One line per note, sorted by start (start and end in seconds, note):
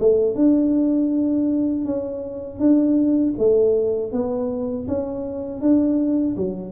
0.00 0.35 A3
0.35 1.85 D4
1.85 2.60 C#4
2.60 3.35 D4
3.39 4.12 A3
4.12 4.88 B3
4.88 5.61 C#4
5.61 6.36 D4
6.37 6.73 F#3